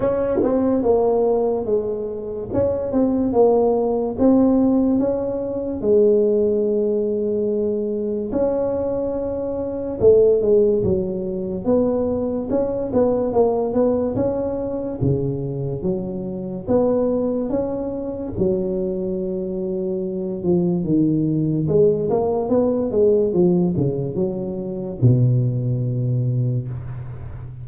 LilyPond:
\new Staff \with { instrumentName = "tuba" } { \time 4/4 \tempo 4 = 72 cis'8 c'8 ais4 gis4 cis'8 c'8 | ais4 c'4 cis'4 gis4~ | gis2 cis'2 | a8 gis8 fis4 b4 cis'8 b8 |
ais8 b8 cis'4 cis4 fis4 | b4 cis'4 fis2~ | fis8 f8 dis4 gis8 ais8 b8 gis8 | f8 cis8 fis4 b,2 | }